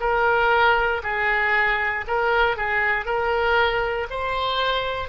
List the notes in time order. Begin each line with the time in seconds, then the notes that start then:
0.00 A#4
1.03 G#4
2.07 A#4
2.57 G#4
3.05 A#4
4.10 C5